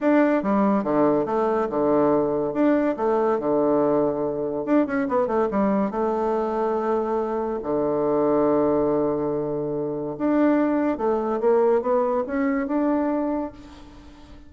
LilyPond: \new Staff \with { instrumentName = "bassoon" } { \time 4/4 \tempo 4 = 142 d'4 g4 d4 a4 | d2 d'4 a4 | d2. d'8 cis'8 | b8 a8 g4 a2~ |
a2 d2~ | d1 | d'2 a4 ais4 | b4 cis'4 d'2 | }